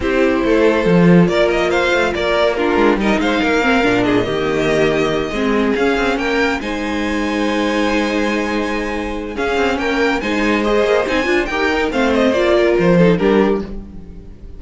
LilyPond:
<<
  \new Staff \with { instrumentName = "violin" } { \time 4/4 \tempo 4 = 141 c''2. d''8 dis''8 | f''4 d''4 ais'4 dis''8 f''8~ | f''4. dis''2~ dis''8~ | dis''4. f''4 g''4 gis''8~ |
gis''1~ | gis''2 f''4 g''4 | gis''4 dis''4 gis''4 g''4 | f''8 dis''8 d''4 c''4 ais'4 | }
  \new Staff \with { instrumentName = "violin" } { \time 4/4 g'4 a'2 ais'4 | c''4 ais'4 f'4 ais'8 c''8 | ais'4. gis'8 g'2~ | g'8 gis'2 ais'4 c''8~ |
c''1~ | c''2 gis'4 ais'4 | c''2. ais'4 | c''4. ais'4 a'8 g'4 | }
  \new Staff \with { instrumentName = "viola" } { \time 4/4 e'2 f'2~ | f'2 d'4 dis'4~ | dis'8 c'8 d'4 ais2~ | ais8 c'4 cis'2 dis'8~ |
dis'1~ | dis'2 cis'2 | dis'4 gis'4 dis'8 f'8 g'8 dis'8 | c'4 f'4. dis'8 d'4 | }
  \new Staff \with { instrumentName = "cello" } { \time 4/4 c'4 a4 f4 ais4~ | ais8 a8 ais4. gis8 g8 gis8 | ais4 ais,4 dis2~ | dis8 gis4 cis'8 c'8 ais4 gis8~ |
gis1~ | gis2 cis'8 c'8 ais4 | gis4. ais8 c'8 d'8 dis'4 | a4 ais4 f4 g4 | }
>>